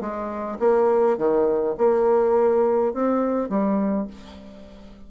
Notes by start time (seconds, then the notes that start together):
0.00 G#3
0.59 A#3
1.17 D#3
1.77 A#3
2.94 C4
3.49 G3